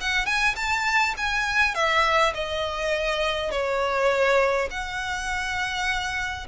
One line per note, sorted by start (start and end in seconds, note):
0.00 0.25 F#5
0.25 0.55 G#5
0.55 1.14 A5
1.17 1.74 G#5
1.74 2.33 E5
2.34 3.51 D#5
3.51 4.68 C#5
4.70 6.47 F#5